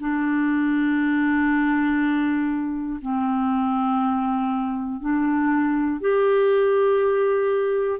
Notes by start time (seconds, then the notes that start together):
0.00 D4
3.02 C4
5.01 D4
6.00 G4